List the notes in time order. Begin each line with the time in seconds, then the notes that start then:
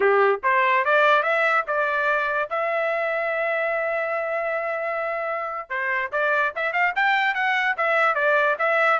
0.00 G4
0.43 C5
0.84 D5
1.22 E5
1.67 D5
2.49 E5
5.69 C5
6.12 D5
6.55 E5
6.72 F5
6.95 G5
7.34 F#5
7.77 E5
8.15 D5
8.58 E5